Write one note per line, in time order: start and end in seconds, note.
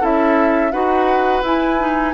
0.00 0.73 C#4
0.00 0.72 E4
0.00 0.71 A4
0.00 0.71 E5
0.71 1.42 D#4
0.71 1.43 F#4
0.71 2.14 B4
0.71 1.43 F#5
1.42 2.13 E4
1.42 1.78 E4
1.42 2.14 G#5
1.78 2.14 D#4